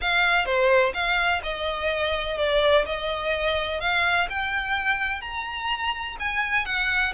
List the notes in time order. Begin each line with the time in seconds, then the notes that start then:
0.01 F5
0.45 C5
0.94 F5
1.43 D#5
2.37 D5
2.85 D#5
3.80 F5
4.29 G5
5.21 A#5
6.19 G#5
6.65 F#5